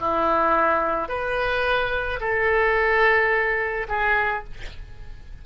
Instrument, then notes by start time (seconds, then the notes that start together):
oboe
0.00 E4
1.09 B4
2.21 A4
3.89 G#4